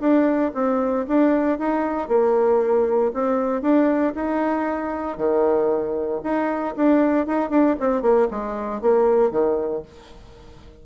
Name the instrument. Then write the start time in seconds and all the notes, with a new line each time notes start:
bassoon
0.00 D4
0.54 C4
1.07 D4
1.58 D#4
2.08 A#3
3.14 C4
3.61 D4
4.15 D#4
5.17 D#3
6.23 D#4
6.76 D4
7.26 D#4
7.50 D4
7.80 C4
8.02 A#3
8.31 G#3
8.81 A#3
9.31 D#3